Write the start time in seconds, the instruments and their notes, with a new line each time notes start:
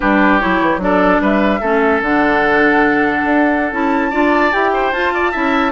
0.00 bassoon G3, clarinet D4, oboe G4, flute B4
0.39 bassoon F#3, clarinet E4, flute C#5
0.61 bassoon E3
0.77 bassoon F#3, clarinet D4, flute D5
0.83 oboe A4
1.19 bassoon G3, oboe B4, flute E5
1.60 bassoon A3, clarinet C#4, oboe A4
2.01 bassoon D3, clarinet D4, flute F#5
3.24 bassoon D4
3.71 bassoon C#4, clarinet E4, flute A5
4.10 bassoon D4, clarinet F4, oboe D5
4.52 bassoon E4, clarinet G4, flute G5
4.73 oboe C5
4.92 bassoon F4, clarinet F4, flute A5
5.13 oboe D5
5.31 bassoon C#4, clarinet E4, oboe E5